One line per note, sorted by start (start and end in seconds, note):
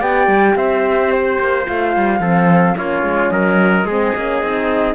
0.00 0.28 B3
0.00 1.65 G4
0.00 0.55 D5
0.00 0.57 G5
0.28 0.55 G3
0.56 1.38 C4
0.56 2.21 C5
0.56 1.11 E5
1.11 1.66 C5
1.39 1.67 A#3
1.66 1.97 A3
1.66 2.21 F4
1.66 2.78 F5
1.97 2.20 G3
2.20 2.75 F3
2.20 2.77 C4
2.20 2.76 A4
2.77 3.03 A#3
2.77 3.87 C#4
2.77 3.33 F4
2.77 3.31 C#5
3.03 3.31 G#3
3.31 3.85 F#3
3.31 3.87 A#4
3.31 4.95 D#5
3.85 4.12 G#3
3.85 4.17 C4
3.85 4.95 G#4
4.16 4.43 A#3
4.16 4.43 C#4
4.43 4.95 C4
4.43 4.95 D#4